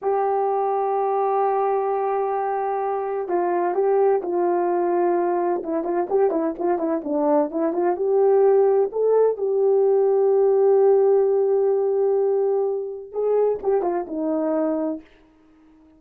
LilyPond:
\new Staff \with { instrumentName = "horn" } { \time 4/4 \tempo 4 = 128 g'1~ | g'2. f'4 | g'4 f'2. | e'8 f'8 g'8 e'8 f'8 e'8 d'4 |
e'8 f'8 g'2 a'4 | g'1~ | g'1 | gis'4 g'8 f'8 dis'2 | }